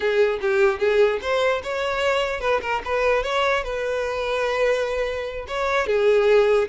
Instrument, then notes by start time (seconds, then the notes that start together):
violin
0.00 G#4
0.41 G4
0.79 G#4
1.21 C5
1.63 C#5
2.40 B4
2.61 A#4
2.85 B4
3.23 C#5
3.63 B4
5.47 C#5
5.87 G#4